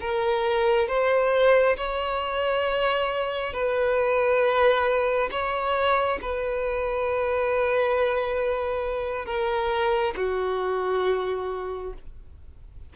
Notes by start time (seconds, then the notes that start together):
0.00 A#4
0.88 C5
1.76 C#5
3.53 B4
5.31 C#5
6.21 B4
9.25 A#4
10.16 F#4